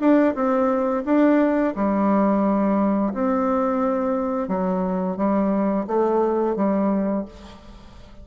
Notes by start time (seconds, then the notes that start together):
0.00 D4
0.35 C4
1.05 D4
1.76 G3
3.13 C4
4.48 F#3
5.17 G3
5.87 A3
6.56 G3